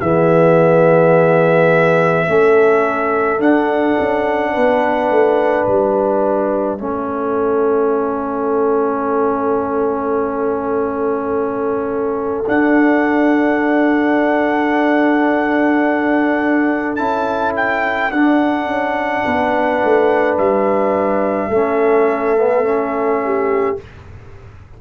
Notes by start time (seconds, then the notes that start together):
0.00 E3 B3 G#4 E5
2.26 A3 C#4 A4
3.39 D4 F#5
4.00 C#4
4.52 B3 B4
5.10 A3
5.66 G3 E5
6.78 A3 C#4 A4
12.46 D4 F#5
16.96 C#4 E4 A5
17.56 G5
18.11 D4 F#5
18.66 C#4
19.25 B3 B4
19.83 A3
20.38 G3 E5
21.49 A3 C#4 A4
22.37 B3
22.64 C#4
23.25 G4